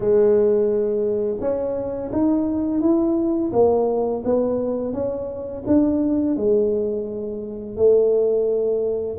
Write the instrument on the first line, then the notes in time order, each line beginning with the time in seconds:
tuba
0.00 G#3
1.40 C#4
2.12 D#4
2.80 E4
3.52 A#3
4.24 B3
4.93 C#4
5.66 D4
6.36 G#3
7.76 A3